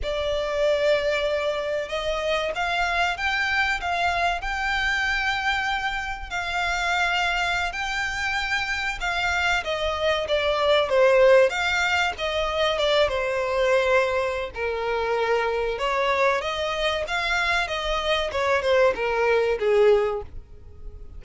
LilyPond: \new Staff \with { instrumentName = "violin" } { \time 4/4 \tempo 4 = 95 d''2. dis''4 | f''4 g''4 f''4 g''4~ | g''2 f''2~ | f''16 g''2 f''4 dis''8.~ |
dis''16 d''4 c''4 f''4 dis''8.~ | dis''16 d''8 c''2~ c''16 ais'4~ | ais'4 cis''4 dis''4 f''4 | dis''4 cis''8 c''8 ais'4 gis'4 | }